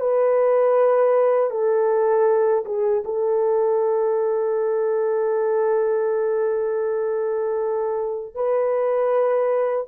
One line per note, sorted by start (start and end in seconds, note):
0.00 1.51 B4
1.51 2.64 A4
2.65 3.03 G#4
3.05 8.35 A4
8.35 9.87 B4